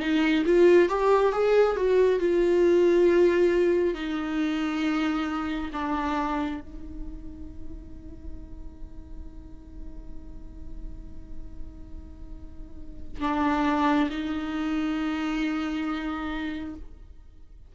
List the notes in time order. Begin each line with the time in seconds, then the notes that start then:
0.00 D#4
0.46 F4
0.89 G4
1.33 G#4
1.77 F#4
2.20 F4
3.95 D#4
5.73 D4
6.61 D#4
13.21 D4
14.11 D#4